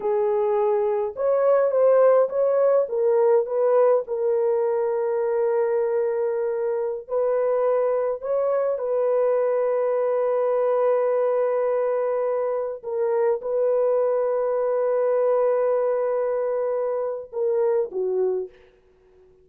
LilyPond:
\new Staff \with { instrumentName = "horn" } { \time 4/4 \tempo 4 = 104 gis'2 cis''4 c''4 | cis''4 ais'4 b'4 ais'4~ | ais'1~ | ais'16 b'2 cis''4 b'8.~ |
b'1~ | b'2~ b'16 ais'4 b'8.~ | b'1~ | b'2 ais'4 fis'4 | }